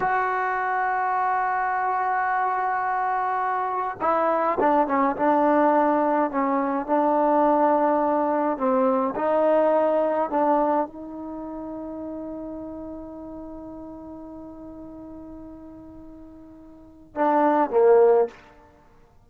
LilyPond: \new Staff \with { instrumentName = "trombone" } { \time 4/4 \tempo 4 = 105 fis'1~ | fis'2. e'4 | d'8 cis'8 d'2 cis'4 | d'2. c'4 |
dis'2 d'4 dis'4~ | dis'1~ | dis'1~ | dis'2 d'4 ais4 | }